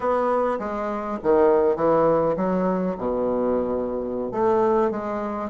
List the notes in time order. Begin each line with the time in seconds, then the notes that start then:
0.00 B3
0.59 G#3
1.23 D#3
1.76 E3
2.36 F#3
2.98 B2
4.31 A3
4.91 G#3